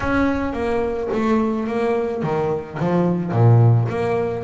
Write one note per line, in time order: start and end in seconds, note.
0.00 0.53 C#4
0.53 1.08 A#3
1.12 1.67 A3
1.67 2.22 A#3
2.22 2.78 D#3
2.79 3.32 F3
3.32 3.87 A#2
3.88 4.43 A#3